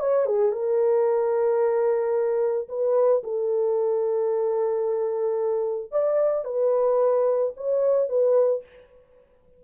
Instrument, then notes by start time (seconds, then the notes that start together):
horn
0.00 C#5
0.26 G#4
0.52 A#4
2.69 B4
3.24 A4
5.92 D5
6.45 B4
7.57 C#5
8.09 B4